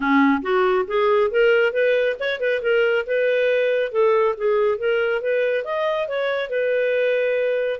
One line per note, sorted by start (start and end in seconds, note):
0.00 0.41 C#4
0.42 0.85 F#4
0.87 1.30 G#4
1.30 1.72 A#4
1.72 2.16 B4
2.19 2.39 C#5
2.39 2.61 B4
2.62 3.05 A#4
3.06 3.91 B4
3.91 4.35 A4
4.37 4.78 G#4
4.78 5.21 A#4
5.21 5.64 B4
5.64 6.08 D#5
6.08 6.49 C#5
6.49 7.79 B4